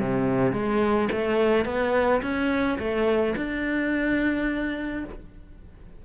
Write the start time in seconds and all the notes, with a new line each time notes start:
0.00 C3
0.53 G#3
1.12 A3
1.65 B3
2.22 C#4
2.79 A3
3.37 D4